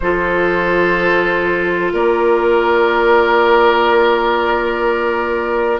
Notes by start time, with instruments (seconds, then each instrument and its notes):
0.00 bassoon F3, clarinet F4, oboe A4, flute C5
1.92 bassoon A#3, oboe A#4, flute D5